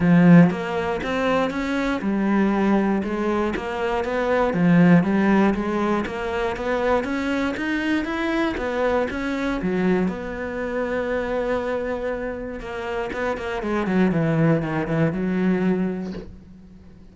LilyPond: \new Staff \with { instrumentName = "cello" } { \time 4/4 \tempo 4 = 119 f4 ais4 c'4 cis'4 | g2 gis4 ais4 | b4 f4 g4 gis4 | ais4 b4 cis'4 dis'4 |
e'4 b4 cis'4 fis4 | b1~ | b4 ais4 b8 ais8 gis8 fis8 | e4 dis8 e8 fis2 | }